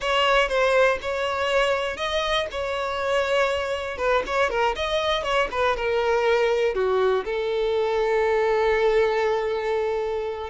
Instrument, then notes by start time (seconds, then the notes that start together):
violin
0.00 C#5
0.48 C5
1.01 C#5
1.96 D#5
2.51 C#5
3.97 B4
4.26 C#5
4.50 A#4
4.75 D#5
5.22 C#5
5.51 B4
5.76 A#4
6.74 F#4
7.25 A4